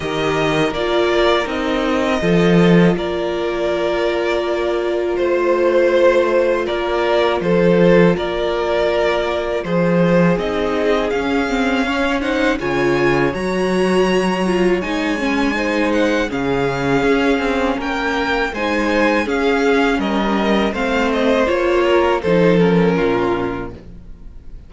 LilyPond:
<<
  \new Staff \with { instrumentName = "violin" } { \time 4/4 \tempo 4 = 81 dis''4 d''4 dis''2 | d''2. c''4~ | c''4 d''4 c''4 d''4~ | d''4 c''4 dis''4 f''4~ |
f''8 fis''8 gis''4 ais''2 | gis''4. fis''8 f''2 | g''4 gis''4 f''4 dis''4 | f''8 dis''8 cis''4 c''8 ais'4. | }
  \new Staff \with { instrumentName = "violin" } { \time 4/4 ais'2. a'4 | ais'2. c''4~ | c''4 ais'4 a'4 ais'4~ | ais'4 gis'2. |
cis''8 c''8 cis''2.~ | cis''4 c''4 gis'2 | ais'4 c''4 gis'4 ais'4 | c''4. ais'8 a'4 f'4 | }
  \new Staff \with { instrumentName = "viola" } { \time 4/4 g'4 f'4 dis'4 f'4~ | f'1~ | f'1~ | f'2 dis'4 cis'8 c'8 |
cis'8 dis'8 f'4 fis'4. f'8 | dis'8 cis'8 dis'4 cis'2~ | cis'4 dis'4 cis'2 | c'4 f'4 dis'8 cis'4. | }
  \new Staff \with { instrumentName = "cello" } { \time 4/4 dis4 ais4 c'4 f4 | ais2. a4~ | a4 ais4 f4 ais4~ | ais4 f4 c'4 cis'4~ |
cis'4 cis4 fis2 | gis2 cis4 cis'8 c'8 | ais4 gis4 cis'4 g4 | a4 ais4 f4 ais,4 | }
>>